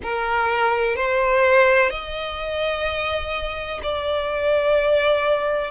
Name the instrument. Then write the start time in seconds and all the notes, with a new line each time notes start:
violin
0.03 A#4
0.95 C5
1.90 D#5
3.82 D5